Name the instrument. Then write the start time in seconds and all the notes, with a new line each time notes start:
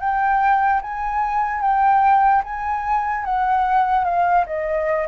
flute
0.00 G5
0.82 G#5
1.61 G5
2.44 G#5
3.25 F#5
4.05 F5
4.47 D#5